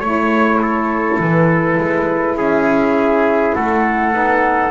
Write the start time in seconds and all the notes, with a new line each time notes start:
0.00 A3 E4 C#5
0.62 A4
1.19 E3 B4
1.78 G#3
2.36 C#4 G#4 E5
3.55 A3 A4 F#5
4.12 B3 D#4